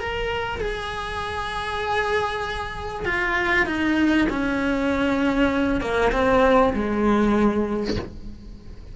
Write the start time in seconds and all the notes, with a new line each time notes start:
0.00 A#4
0.61 G#4
3.05 F4
3.67 D#4
4.30 C#4
5.81 A#3
6.13 C4
6.74 G#3